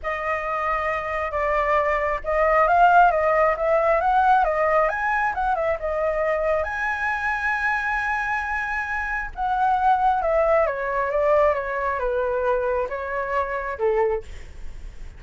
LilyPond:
\new Staff \with { instrumentName = "flute" } { \time 4/4 \tempo 4 = 135 dis''2. d''4~ | d''4 dis''4 f''4 dis''4 | e''4 fis''4 dis''4 gis''4 | fis''8 e''8 dis''2 gis''4~ |
gis''1~ | gis''4 fis''2 e''4 | cis''4 d''4 cis''4 b'4~ | b'4 cis''2 a'4 | }